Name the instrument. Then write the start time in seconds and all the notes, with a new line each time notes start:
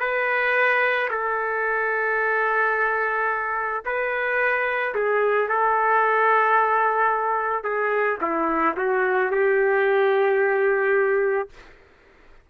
trumpet
0.00 B4
1.11 A4
3.85 B4
4.95 G#4
5.49 A4
7.64 G#4
8.21 E4
8.77 F#4
9.31 G4